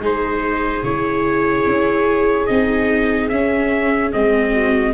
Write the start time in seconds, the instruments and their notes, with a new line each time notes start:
0.00 tuba G#3, viola D#4 G#4, trumpet C5
0.84 tuba C#3, viola E4, trumpet C#5
1.67 tuba C#4
2.46 tuba C4, viola D#4, trumpet D#5
3.29 tuba C#4, viola C#4, trumpet E5
4.13 tuba G#3, viola C4, trumpet D#5
4.52 viola F#4